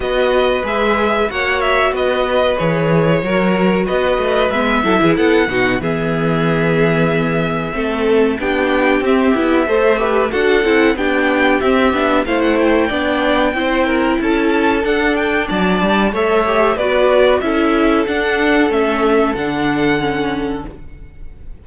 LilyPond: <<
  \new Staff \with { instrumentName = "violin" } { \time 4/4 \tempo 4 = 93 dis''4 e''4 fis''8 e''8 dis''4 | cis''2 dis''4 e''4 | fis''4 e''2.~ | e''4 g''4 e''2 |
fis''4 g''4 e''4 f''16 fis''16 g''8~ | g''2 a''4 fis''8 g''8 | a''4 e''4 d''4 e''4 | fis''4 e''4 fis''2 | }
  \new Staff \with { instrumentName = "violin" } { \time 4/4 b'2 cis''4 b'4~ | b'4 ais'4 b'4. a'16 gis'16 | a'8 fis'8 gis'2. | a'4 g'2 c''8 b'8 |
a'4 g'2 c''4 | d''4 c''8 ais'8 a'2 | d''4 cis''4 b'4 a'4~ | a'1 | }
  \new Staff \with { instrumentName = "viola" } { \time 4/4 fis'4 gis'4 fis'2 | gis'4 fis'2 b8 e'8~ | e'8 dis'8 b2. | c'4 d'4 c'8 e'8 a'8 g'8 |
fis'8 e'8 d'4 c'8 d'8 e'4 | d'4 e'2 d'4~ | d'4 a'8 g'8 fis'4 e'4 | d'4 cis'4 d'4 cis'4 | }
  \new Staff \with { instrumentName = "cello" } { \time 4/4 b4 gis4 ais4 b4 | e4 fis4 b8 a8 gis8 fis16 e16 | b8 b,8 e2. | a4 b4 c'8 b8 a4 |
d'8 c'8 b4 c'8 b8 a4 | b4 c'4 cis'4 d'4 | fis8 g8 a4 b4 cis'4 | d'4 a4 d2 | }
>>